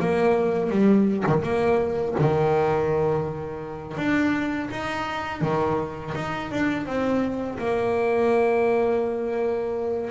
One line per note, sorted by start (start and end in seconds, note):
0.00 0.70 A#3
0.70 1.25 G3
1.27 1.43 D#3
1.43 2.15 A#3
2.19 3.97 D#3
3.97 4.70 D4
4.71 5.42 D#4
5.42 6.14 D#3
6.15 6.52 D#4
6.52 6.86 D4
6.86 7.58 C4
7.59 10.11 A#3